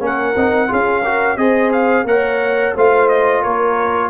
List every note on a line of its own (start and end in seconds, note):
0.00 0.35 A#3
0.00 0.34 C#4
0.00 0.70 A#4
0.00 0.73 F#5
0.36 0.70 C4
0.36 0.68 D#4
0.68 1.37 C#4
0.68 1.02 F4
0.68 1.03 G#4
0.68 1.37 F5
1.03 1.38 F#4
1.03 1.37 A#4
1.37 2.04 C4
1.37 2.06 G#4
1.37 2.07 C5
1.37 1.71 D#5
1.72 2.07 F5
2.04 2.72 A#3
2.04 2.76 A#4
2.04 2.75 C#5
2.04 2.75 F#5
2.75 3.44 A3
2.75 4.10 F4
2.75 3.42 C5
2.75 3.09 F5
3.09 3.43 D#5
3.42 4.10 A#3
3.42 4.10 A#4
3.42 4.10 C#5